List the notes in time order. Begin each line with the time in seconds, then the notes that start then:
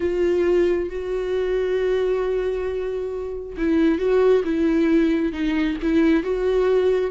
0.00 F4
0.89 F#4
3.57 E4
3.98 F#4
4.44 E4
5.32 D#4
5.82 E4
6.23 F#4